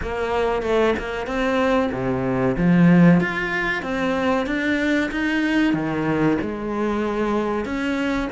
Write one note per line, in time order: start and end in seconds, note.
0.02 0.62 A#3
0.62 0.94 A3
0.98 1.26 A#3
1.26 1.90 C4
1.92 2.56 C3
2.57 3.20 F3
3.20 3.82 F4
3.82 4.46 C4
4.46 5.10 D4
5.11 5.73 D#4
5.73 6.37 D#3
6.41 7.65 G#3
7.65 8.28 C#4